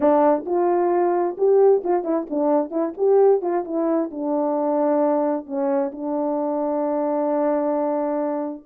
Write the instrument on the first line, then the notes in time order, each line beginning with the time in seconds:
horn
0.00 D4
0.45 F4
1.37 G4
1.84 F4
2.04 E4
2.30 D4
2.70 E4
2.97 G4
3.41 F4
3.64 E4
4.10 D4
5.45 C#4
5.92 D4